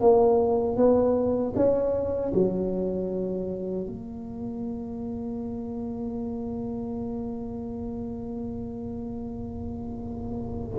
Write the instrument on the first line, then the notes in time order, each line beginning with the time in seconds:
tuba
0.00 A#3
0.76 B3
1.55 C#4
2.33 F#3
3.86 A#3